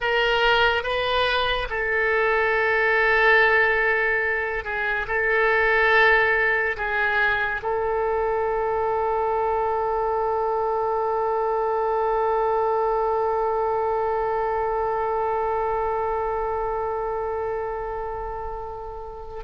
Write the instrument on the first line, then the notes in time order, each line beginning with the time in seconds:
oboe
0.00 A#4
0.83 B4
1.69 A4
4.64 G#4
5.07 A4
6.76 G#4
7.62 A4